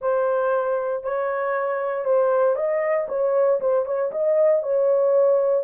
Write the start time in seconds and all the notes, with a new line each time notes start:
0.01 C5
1.03 C#5
2.04 C5
2.55 D#5
3.08 C#5
3.60 C5
3.85 C#5
4.11 D#5
4.62 C#5